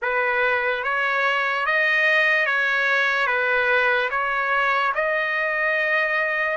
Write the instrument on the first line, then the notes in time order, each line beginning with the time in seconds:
trumpet
0.01 B4
0.83 C#5
1.66 D#5
2.45 C#5
3.27 B4
4.10 C#5
4.94 D#5